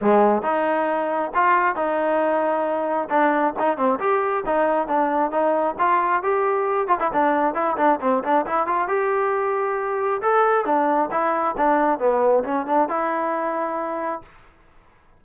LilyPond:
\new Staff \with { instrumentName = "trombone" } { \time 4/4 \tempo 4 = 135 gis4 dis'2 f'4 | dis'2. d'4 | dis'8 c'8 g'4 dis'4 d'4 | dis'4 f'4 g'4. f'16 e'16 |
d'4 e'8 d'8 c'8 d'8 e'8 f'8 | g'2. a'4 | d'4 e'4 d'4 b4 | cis'8 d'8 e'2. | }